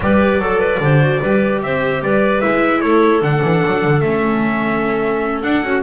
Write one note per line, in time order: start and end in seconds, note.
0.00 0.38 G3
0.00 0.40 G4
0.00 0.41 B4
0.00 1.62 D5
0.38 0.78 F#3
0.38 0.80 A4
0.38 0.60 A4
0.60 0.80 B4
0.80 1.20 D3
0.80 1.01 G4
0.80 1.21 C5
1.01 1.22 F#4
1.21 1.62 G3
1.21 2.42 G4
1.21 1.61 B4
1.62 2.02 C4
1.62 2.04 C5
1.62 2.02 E5
2.02 2.42 G3
2.02 2.81 B4
2.02 2.40 D5
2.40 2.83 G#3
2.40 3.21 E4
2.40 2.81 E5
2.81 3.21 A3
2.81 5.83 A4
2.81 3.21 C#5
3.21 3.41 D3
3.21 4.02 D4
3.21 4.00 F#5
3.43 3.63 E3
3.65 3.84 F#3
3.84 4.01 D3
4.00 5.42 A3
4.00 5.43 C#4
4.00 5.41 E5
5.42 5.63 D4
5.42 5.82 F#5
5.63 5.83 C#4
5.63 5.83 F#4